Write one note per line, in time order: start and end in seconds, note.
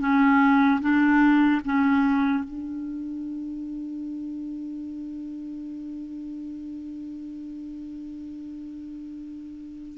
0.00 0.80 C#4
0.81 1.61 D4
1.65 2.44 C#4
2.44 9.97 D4